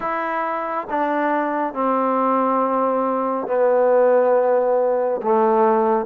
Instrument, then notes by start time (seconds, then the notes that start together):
trombone
0.00 E4
0.90 D4
1.74 C4
3.47 B3
5.22 A3